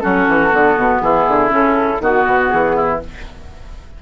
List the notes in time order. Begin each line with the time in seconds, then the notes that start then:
0.00 F#3 C#4 F#4 A4
0.28 E3
0.51 D3 B3
0.77 B2
1.01 E3 E4 G#4
1.28 D3
1.49 C#3 C#4 A4
2.01 D#3 B3 F#4
2.26 B2
2.49 E3 G#4
2.76 E4